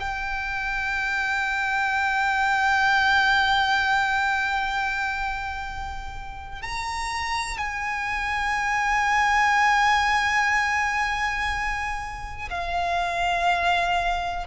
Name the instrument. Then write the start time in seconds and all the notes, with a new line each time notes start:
violin
0.00 G5
6.62 A#5
7.58 G#5
12.51 F5